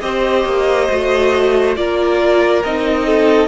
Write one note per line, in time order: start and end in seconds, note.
0.00 0.45 C4
0.00 0.89 G4
0.00 1.78 C5
0.00 1.74 D#5
0.45 0.88 A#3
0.89 1.76 A3
0.89 1.76 F#4
1.76 2.63 A#3
1.76 2.62 F4
1.76 3.06 A#4
1.76 2.63 D5
2.64 3.48 C4
2.64 3.48 D#4
2.64 3.48 D#5
3.06 3.48 A4